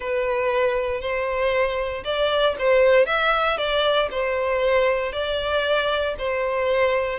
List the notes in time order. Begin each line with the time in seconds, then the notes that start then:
0.00 B4
1.00 C5
2.04 D5
2.59 C5
3.06 E5
3.57 D5
4.10 C5
5.12 D5
6.18 C5